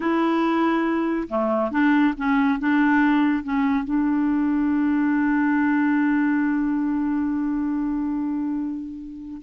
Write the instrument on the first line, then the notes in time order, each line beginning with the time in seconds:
clarinet
0.00 E4
1.28 A3
1.71 D4
2.17 C#4
2.59 D4
3.43 C#4
3.84 D4